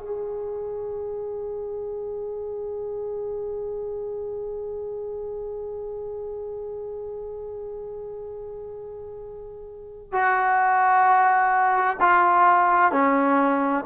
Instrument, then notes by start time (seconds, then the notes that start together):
trombone
0.00 G#4
10.13 F#4
12.01 F4
12.92 C#4